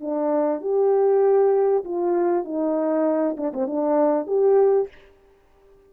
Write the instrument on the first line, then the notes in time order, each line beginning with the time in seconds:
horn
0.00 D4
0.61 G4
1.84 F4
2.44 D#4
3.37 D4
3.53 C4
3.66 D4
4.26 G4